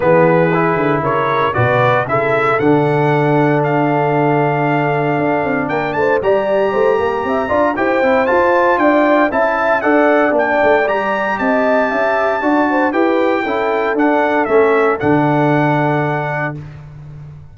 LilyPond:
<<
  \new Staff \with { instrumentName = "trumpet" } { \time 4/4 \tempo 4 = 116 b'2 cis''4 d''4 | e''4 fis''2 f''4~ | f''2. g''8 a''8 | ais''2. g''4 |
a''4 g''4 a''4 fis''4 | g''4 ais''4 a''2~ | a''4 g''2 fis''4 | e''4 fis''2. | }
  \new Staff \with { instrumentName = "horn" } { \time 4/4 gis'2 ais'4 b'4 | a'1~ | a'2. ais'8 c''8 | d''4 c''8 ais'8 e''8 d''8 c''4~ |
c''4 d''4 e''4 d''4~ | d''2 dis''4 e''4 | d''8 c''8 b'4 a'2~ | a'1 | }
  \new Staff \with { instrumentName = "trombone" } { \time 4/4 b4 e'2 fis'4 | e'4 d'2.~ | d'1 | g'2~ g'8 f'8 g'8 e'8 |
f'2 e'4 a'4 | d'4 g'2. | fis'4 g'4 e'4 d'4 | cis'4 d'2. | }
  \new Staff \with { instrumentName = "tuba" } { \time 4/4 e4. d8 cis4 b,4 | cis4 d2.~ | d2 d'8 c'8 ais8 a8 | g4 a8 ais8 c'8 d'8 e'8 c'8 |
f'4 d'4 cis'4 d'4 | ais8 a8 g4 c'4 cis'4 | d'4 e'4 cis'4 d'4 | a4 d2. | }
>>